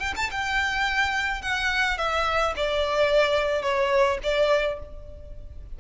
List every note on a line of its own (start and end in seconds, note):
0.00 0.14 G5
0.16 0.30 A5
0.31 1.42 G5
1.42 1.98 F#5
1.98 2.54 E5
2.56 3.62 D5
3.62 4.18 C#5
4.23 4.79 D5